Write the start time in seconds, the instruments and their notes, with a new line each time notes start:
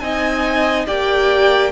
0.00 cello C4, viola D#4, violin D#5 G#5
0.87 cello A#3, viola G4, violin D5 G5